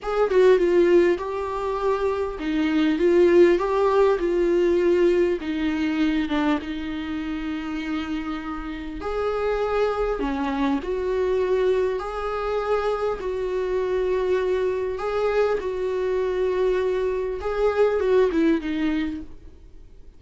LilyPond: \new Staff \with { instrumentName = "viola" } { \time 4/4 \tempo 4 = 100 gis'8 fis'8 f'4 g'2 | dis'4 f'4 g'4 f'4~ | f'4 dis'4. d'8 dis'4~ | dis'2. gis'4~ |
gis'4 cis'4 fis'2 | gis'2 fis'2~ | fis'4 gis'4 fis'2~ | fis'4 gis'4 fis'8 e'8 dis'4 | }